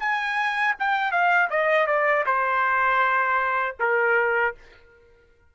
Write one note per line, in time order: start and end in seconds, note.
0.00 0.75 G#5
0.79 1.12 G5
1.12 1.49 F5
1.50 1.87 D#5
1.87 2.25 D5
2.26 3.76 C5
3.80 4.55 A#4